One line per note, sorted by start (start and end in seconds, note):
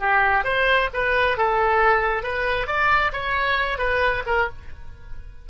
0.00 0.45 G4
0.45 0.90 C5
0.94 1.38 B4
1.38 2.23 A4
2.23 2.68 B4
2.68 3.12 D5
3.13 3.79 C#5
3.79 4.24 B4
4.27 4.49 A#4